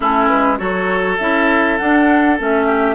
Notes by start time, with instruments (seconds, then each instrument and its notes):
0.00 bassoon A3, clarinet C#4, oboe E4, flute A4
0.27 bassoon G#3, flute B4
0.57 bassoon F#3, clarinet F#4, oboe A4, flute C#5
1.18 bassoon C#4, clarinet E4, flute E5
1.77 clarinet D4, bassoon D4, flute F#5
2.38 bassoon A3, clarinet C#4, flute E5
2.66 oboe G4